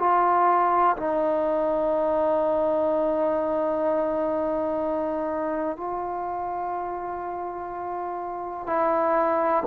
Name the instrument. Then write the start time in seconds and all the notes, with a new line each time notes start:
trombone
0.00 F4
0.97 D#4
5.78 F4
8.67 E4